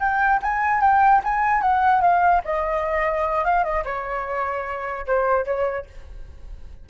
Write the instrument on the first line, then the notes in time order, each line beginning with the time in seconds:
flute
0.00 G5
0.42 G#5
0.81 G5
1.24 G#5
1.62 F#5
2.02 F5
2.45 D#5
3.45 F5
3.64 D#5
3.85 C#5
5.07 C5
5.45 C#5